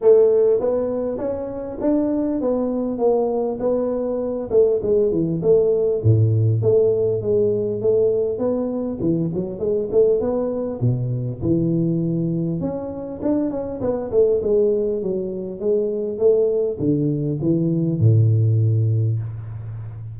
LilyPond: \new Staff \with { instrumentName = "tuba" } { \time 4/4 \tempo 4 = 100 a4 b4 cis'4 d'4 | b4 ais4 b4. a8 | gis8 e8 a4 a,4 a4 | gis4 a4 b4 e8 fis8 |
gis8 a8 b4 b,4 e4~ | e4 cis'4 d'8 cis'8 b8 a8 | gis4 fis4 gis4 a4 | d4 e4 a,2 | }